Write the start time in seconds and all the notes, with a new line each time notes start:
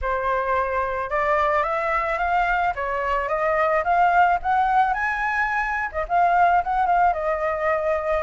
0.01 C5
1.10 D5
1.63 E5
2.18 F5
2.75 C#5
3.28 D#5
3.84 F5
4.42 F#5
4.93 G#5
5.91 D#5
6.08 F5
6.63 F#5
6.86 F5
7.13 D#5